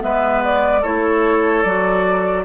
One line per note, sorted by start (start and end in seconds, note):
0.00 0.84 G#3
0.00 0.81 B3
0.00 0.81 B4
0.00 0.43 E5
0.45 0.84 D5
0.81 1.65 A3
0.81 1.66 E4
0.81 2.44 A4
0.81 1.63 C#5
1.63 2.45 F#3
1.63 2.45 F#4
1.63 2.44 D5